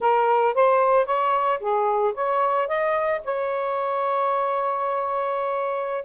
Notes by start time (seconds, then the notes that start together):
0.00 A#4
0.54 C5
1.05 C#5
1.59 G#4
2.14 C#5
2.67 D#5
3.24 C#5